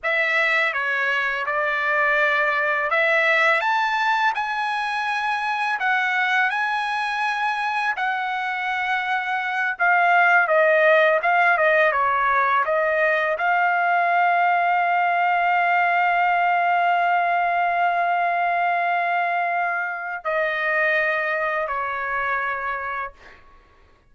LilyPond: \new Staff \with { instrumentName = "trumpet" } { \time 4/4 \tempo 4 = 83 e''4 cis''4 d''2 | e''4 a''4 gis''2 | fis''4 gis''2 fis''4~ | fis''4. f''4 dis''4 f''8 |
dis''8 cis''4 dis''4 f''4.~ | f''1~ | f''1 | dis''2 cis''2 | }